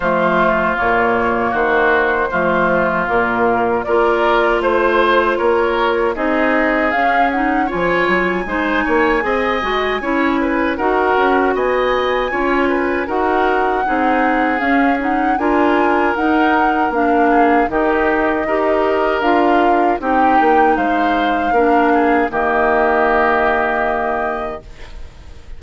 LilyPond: <<
  \new Staff \with { instrumentName = "flute" } { \time 4/4 \tempo 4 = 78 c''4 cis''4 c''2 | ais'4 d''4 c''4 cis''4 | dis''4 f''8 fis''8 gis''2~ | gis''2 fis''4 gis''4~ |
gis''4 fis''2 f''8 fis''8 | gis''4 fis''4 f''4 dis''4~ | dis''4 f''4 g''4 f''4~ | f''4 dis''2. | }
  \new Staff \with { instrumentName = "oboe" } { \time 4/4 f'2 fis'4 f'4~ | f'4 ais'4 c''4 ais'4 | gis'2 cis''4 c''8 cis''8 | dis''4 cis''8 b'8 ais'4 dis''4 |
cis''8 b'8 ais'4 gis'2 | ais'2~ ais'8 gis'8 g'4 | ais'2 g'4 c''4 | ais'8 gis'8 g'2. | }
  \new Staff \with { instrumentName = "clarinet" } { \time 4/4 a4 ais2 a4 | ais4 f'2. | dis'4 cis'8 dis'8 f'4 dis'4 | gis'8 fis'8 e'4 fis'2 |
f'4 fis'4 dis'4 cis'8 dis'8 | f'4 dis'4 d'4 dis'4 | g'4 f'4 dis'2 | d'4 ais2. | }
  \new Staff \with { instrumentName = "bassoon" } { \time 4/4 f4 ais,4 dis4 f4 | ais,4 ais4 a4 ais4 | c'4 cis'4 f8 fis8 gis8 ais8 | c'8 gis8 cis'4 dis'8 cis'8 b4 |
cis'4 dis'4 c'4 cis'4 | d'4 dis'4 ais4 dis4 | dis'4 d'4 c'8 ais8 gis4 | ais4 dis2. | }
>>